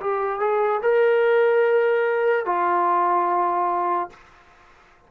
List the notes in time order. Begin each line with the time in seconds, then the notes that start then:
0.00 G4
0.40 G#4
0.82 A#4
2.45 F4